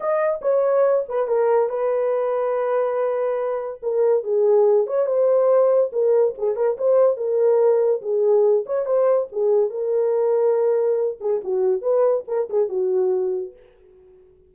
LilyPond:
\new Staff \with { instrumentName = "horn" } { \time 4/4 \tempo 4 = 142 dis''4 cis''4. b'8 ais'4 | b'1~ | b'4 ais'4 gis'4. cis''8 | c''2 ais'4 gis'8 ais'8 |
c''4 ais'2 gis'4~ | gis'8 cis''8 c''4 gis'4 ais'4~ | ais'2~ ais'8 gis'8 fis'4 | b'4 ais'8 gis'8 fis'2 | }